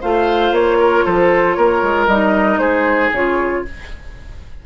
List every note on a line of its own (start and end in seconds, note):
0.00 0.52 A3
0.00 2.09 F4
0.00 0.78 C5
0.00 0.54 F5
0.52 1.03 A#3
0.52 1.05 C#5
0.79 1.05 A#4
1.05 1.57 F3
1.05 1.56 A4
1.05 1.53 C5
1.53 1.82 A#3
1.53 2.60 A#4
1.53 2.05 C#5
1.82 2.07 G#3
2.07 2.58 G3
2.07 3.14 D#4
2.07 2.58 D#5
2.58 3.09 G#3
2.58 3.63 G#4
2.58 3.10 C5
3.12 3.64 C#3
3.12 3.65 F4
3.12 3.65 C#5